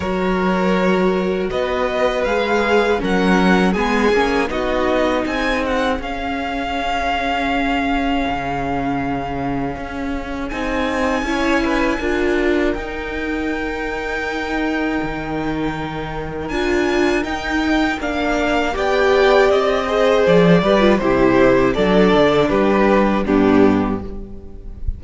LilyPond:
<<
  \new Staff \with { instrumentName = "violin" } { \time 4/4 \tempo 4 = 80 cis''2 dis''4 f''4 | fis''4 gis''4 dis''4 gis''8 fis''8 | f''1~ | f''2 gis''2~ |
gis''4 g''2.~ | g''2 gis''4 g''4 | f''4 g''4 dis''4 d''4 | c''4 d''4 b'4 g'4 | }
  \new Staff \with { instrumentName = "violin" } { \time 4/4 ais'2 b'2 | ais'4 gis'4 fis'4 gis'4~ | gis'1~ | gis'2. cis''8 b'8 |
ais'1~ | ais'1~ | ais'4 d''4. c''4 b'8 | g'4 a'4 g'4 d'4 | }
  \new Staff \with { instrumentName = "viola" } { \time 4/4 fis'2. gis'4 | cis'4 b8 cis'8 dis'2 | cis'1~ | cis'2 dis'4 e'4 |
f'4 dis'2.~ | dis'2 f'4 dis'4 | d'4 g'4. gis'4 g'16 f'16 | e'4 d'2 b4 | }
  \new Staff \with { instrumentName = "cello" } { \time 4/4 fis2 b4 gis4 | fis4 gis8 ais8 b4 c'4 | cis'2. cis4~ | cis4 cis'4 c'4 cis'4 |
d'4 dis'2. | dis2 d'4 dis'4 | ais4 b4 c'4 f8 g8 | c4 fis8 d8 g4 g,4 | }
>>